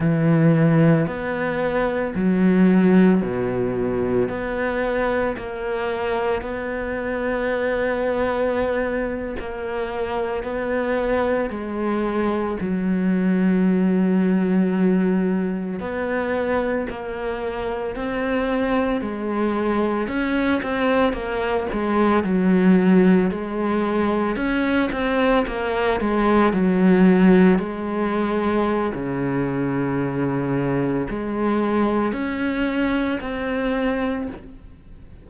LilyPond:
\new Staff \with { instrumentName = "cello" } { \time 4/4 \tempo 4 = 56 e4 b4 fis4 b,4 | b4 ais4 b2~ | b8. ais4 b4 gis4 fis16~ | fis2~ fis8. b4 ais16~ |
ais8. c'4 gis4 cis'8 c'8 ais16~ | ais16 gis8 fis4 gis4 cis'8 c'8 ais16~ | ais16 gis8 fis4 gis4~ gis16 cis4~ | cis4 gis4 cis'4 c'4 | }